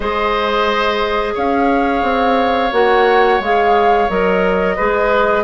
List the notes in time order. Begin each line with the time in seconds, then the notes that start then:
0.00 G#3 G#4 C5 D#5
1.34 C#4 C#5 F5
2.02 C4
2.72 A#3 F#4 F#5
3.39 G#3 G#4 F5
4.08 F#3 A#4 D#5
4.76 G#3 G#4 B4